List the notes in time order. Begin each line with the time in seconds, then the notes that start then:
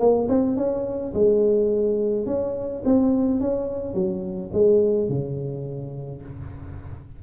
0.00 A#3
0.29 C4
0.57 C#4
1.14 G#3
2.27 C#4
2.85 C4
3.41 C#4
3.95 F#3
4.53 G#3
5.09 C#3